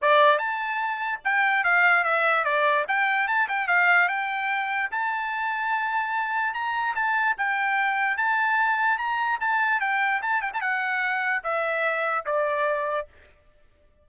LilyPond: \new Staff \with { instrumentName = "trumpet" } { \time 4/4 \tempo 4 = 147 d''4 a''2 g''4 | f''4 e''4 d''4 g''4 | a''8 g''8 f''4 g''2 | a''1 |
ais''4 a''4 g''2 | a''2 ais''4 a''4 | g''4 a''8 g''16 a''16 fis''2 | e''2 d''2 | }